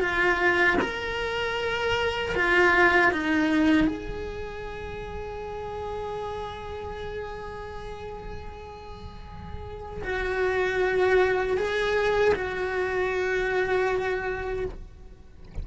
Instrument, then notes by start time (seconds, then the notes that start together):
cello
0.00 F4
0.81 A#4
2.35 F4
3.12 D#4
3.87 G#4
10.03 F#4
11.57 G#4
12.35 F#4